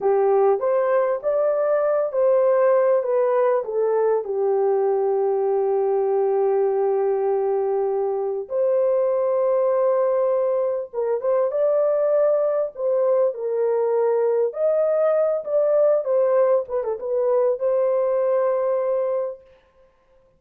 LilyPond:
\new Staff \with { instrumentName = "horn" } { \time 4/4 \tempo 4 = 99 g'4 c''4 d''4. c''8~ | c''4 b'4 a'4 g'4~ | g'1~ | g'2 c''2~ |
c''2 ais'8 c''8 d''4~ | d''4 c''4 ais'2 | dis''4. d''4 c''4 b'16 a'16 | b'4 c''2. | }